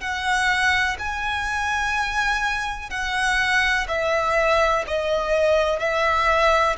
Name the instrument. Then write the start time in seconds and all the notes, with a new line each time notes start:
violin
0.00 F#5
0.99 G#5
2.90 F#5
3.88 E5
4.87 D#5
5.79 E5